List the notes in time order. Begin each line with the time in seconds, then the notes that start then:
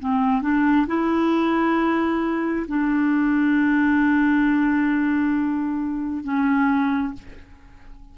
0.00 C4
0.42 D4
0.87 E4
2.68 D4
6.24 C#4